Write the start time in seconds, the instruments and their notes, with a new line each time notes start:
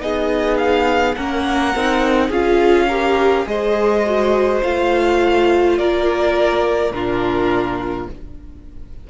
0.00 cello B3, viola D#4, violin G#4 D#5
0.58 violin F5
1.15 cello A#3, viola C#4, violin A#4 F#5
1.75 cello C4, viola D#4
2.28 cello C#4, viola F4, violin G#4 F5
2.88 viola G4, violin A#4
3.45 cello G#3, viola G#4, violin C5 D#5
4.06 viola F#4
4.63 cello A3, viola F4, violin F5
5.78 cello A#3, violin A#4 D5
6.91 cello A#2, viola D4, violin F4 A#4